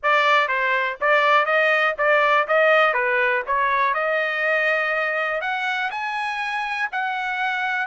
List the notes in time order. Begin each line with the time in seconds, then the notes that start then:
0.02 D5
0.48 C5
1.00 D5
1.45 D#5
1.98 D5
2.47 D#5
2.93 B4
3.46 C#5
3.93 D#5
5.41 F#5
5.90 G#5
6.92 F#5